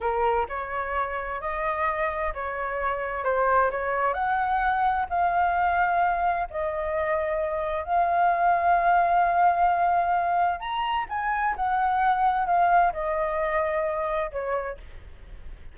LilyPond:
\new Staff \with { instrumentName = "flute" } { \time 4/4 \tempo 4 = 130 ais'4 cis''2 dis''4~ | dis''4 cis''2 c''4 | cis''4 fis''2 f''4~ | f''2 dis''2~ |
dis''4 f''2.~ | f''2. ais''4 | gis''4 fis''2 f''4 | dis''2. cis''4 | }